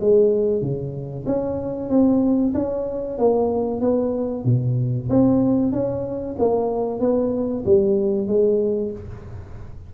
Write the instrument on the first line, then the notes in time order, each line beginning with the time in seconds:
tuba
0.00 G#3
0.61 C#3
1.26 C#4
1.89 C4
2.54 C#4
3.18 A#3
3.81 B3
4.44 B2
5.09 C4
5.72 C#4
6.38 A#3
7.00 B3
7.65 G3
8.27 G#3